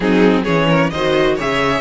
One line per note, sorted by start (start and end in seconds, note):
0.00 0.45 F#3
0.00 0.45 C4
0.00 0.43 D#4
0.00 0.42 G#4
0.43 0.91 E3
0.43 0.91 C#4
0.43 0.66 G#4
0.43 0.90 C#5
0.68 0.91 A#4
0.90 1.37 D#3
0.90 1.39 F#4
0.90 1.36 C5
0.90 1.35 D#5
1.36 1.81 C#3
1.36 1.81 G#4
1.36 1.81 C#5
1.36 1.81 E5